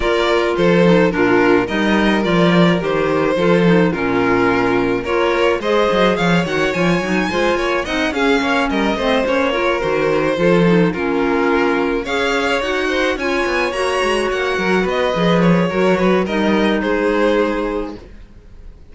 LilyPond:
<<
  \new Staff \with { instrumentName = "violin" } { \time 4/4 \tempo 4 = 107 d''4 c''4 ais'4 dis''4 | d''4 c''2 ais'4~ | ais'4 cis''4 dis''4 f''8 fis''8 | gis''2 fis''8 f''4 dis''8~ |
dis''8 cis''4 c''2 ais'8~ | ais'4. f''4 fis''4 gis''8~ | gis''8 ais''4 fis''4 dis''4 cis''8~ | cis''4 dis''4 c''2 | }
  \new Staff \with { instrumentName = "violin" } { \time 4/4 ais'4 a'4 f'4 ais'4~ | ais'2 a'4 f'4~ | f'4 ais'4 c''4 cis''4~ | cis''4 c''8 cis''8 dis''8 gis'8 cis''8 ais'8 |
c''4 ais'4. a'4 f'8~ | f'4. cis''4. c''8 cis''8~ | cis''2 ais'8 b'4. | ais'8 b'8 ais'4 gis'2 | }
  \new Staff \with { instrumentName = "clarinet" } { \time 4/4 f'4. dis'8 d'4 dis'4 | f'4 g'4 f'8 dis'8 cis'4~ | cis'4 f'4 gis'4. fis'8 | f'8 dis'8 f'4 dis'8 cis'4. |
c'8 cis'8 f'8 fis'4 f'8 dis'8 cis'8~ | cis'4. gis'4 fis'4 f'8~ | f'8 fis'2~ fis'8 gis'4 | fis'4 dis'2. | }
  \new Staff \with { instrumentName = "cello" } { \time 4/4 ais4 f4 ais,4 g4 | f4 dis4 f4 ais,4~ | ais,4 ais4 gis8 fis8 f8 dis8 | f8 fis8 gis8 ais8 c'8 cis'8 ais8 g8 |
a8 ais4 dis4 f4 ais8~ | ais4. cis'4 dis'4 cis'8 | b8 ais8 gis8 ais8 fis8 b8 f4 | fis4 g4 gis2 | }
>>